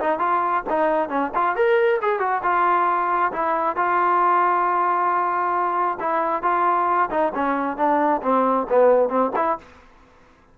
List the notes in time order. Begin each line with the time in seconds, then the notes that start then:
0.00 D#4
0.19 F4
0.69 D#4
1.09 C#4
1.35 F4
1.56 A#4
2.02 G#4
2.19 F#4
2.43 F4
3.32 E4
3.76 F4
6.00 E4
6.42 F4
7.10 D#4
7.34 C#4
7.77 D4
8.22 C4
8.69 B3
9.09 C4
9.36 E4